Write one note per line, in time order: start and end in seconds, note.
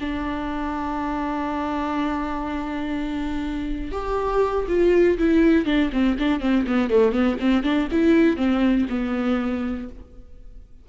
0.00 3.92 D4
3.92 4.66 G4
4.68 5.18 F4
5.18 5.65 E4
5.65 5.90 D4
5.92 6.17 C4
6.19 6.40 D4
6.40 6.65 C4
6.67 6.90 B3
6.90 7.12 A3
7.12 7.37 B3
7.40 7.63 C4
7.63 7.88 D4
7.91 8.37 E4
8.37 8.86 C4
8.89 9.88 B3